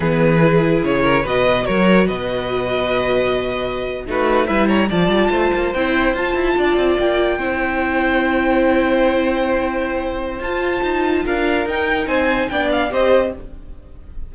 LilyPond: <<
  \new Staff \with { instrumentName = "violin" } { \time 4/4 \tempo 4 = 144 b'2 cis''4 dis''4 | cis''4 dis''2.~ | dis''4.~ dis''16 b'4 e''8 ais''8 a''16~ | a''4.~ a''16 g''4 a''4~ a''16~ |
a''8. g''2.~ g''16~ | g''1~ | g''4 a''2 f''4 | g''4 gis''4 g''8 f''8 dis''4 | }
  \new Staff \with { instrumentName = "violin" } { \time 4/4 gis'2~ gis'8 ais'8 b'4 | ais'4 b'2.~ | b'4.~ b'16 fis'4 b'8 cis''8 d''16~ | d''8. c''2. d''16~ |
d''4.~ d''16 c''2~ c''16~ | c''1~ | c''2. ais'4~ | ais'4 c''4 d''4 c''4 | }
  \new Staff \with { instrumentName = "viola" } { \time 4/4 b4 e'2 fis'4~ | fis'1~ | fis'4.~ fis'16 dis'4 e'4 f'16~ | f'4.~ f'16 e'4 f'4~ f'16~ |
f'4.~ f'16 e'2~ e'16~ | e'1~ | e'4 f'2. | dis'2 d'4 g'4 | }
  \new Staff \with { instrumentName = "cello" } { \time 4/4 e2 cis4 b,4 | fis4 b,2.~ | b,4.~ b,16 a4 g4 f16~ | f16 g8 a8 ais8 c'4 f'8 e'8 d'16~ |
d'16 c'8 ais4 c'2~ c'16~ | c'1~ | c'4 f'4 dis'4 d'4 | dis'4 c'4 b4 c'4 | }
>>